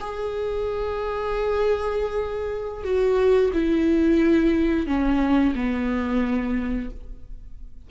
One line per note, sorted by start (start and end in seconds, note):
0.00 2.84 G#4
2.84 3.51 F#4
3.53 4.87 E4
4.87 5.54 C#4
5.55 6.90 B3